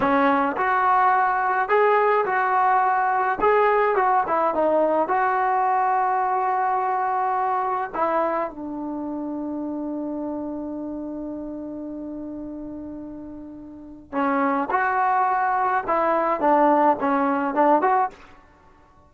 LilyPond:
\new Staff \with { instrumentName = "trombone" } { \time 4/4 \tempo 4 = 106 cis'4 fis'2 gis'4 | fis'2 gis'4 fis'8 e'8 | dis'4 fis'2.~ | fis'2 e'4 d'4~ |
d'1~ | d'1~ | d'4 cis'4 fis'2 | e'4 d'4 cis'4 d'8 fis'8 | }